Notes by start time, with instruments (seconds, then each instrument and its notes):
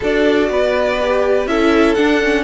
0.00 cello D4, viola F#4, violin A4 D5
0.49 cello B3, violin B4
0.99 viola G4
1.46 cello C#4, viola E4, violin A4 E5
1.94 viola D4, cello D4, violin F#5
2.22 viola C#4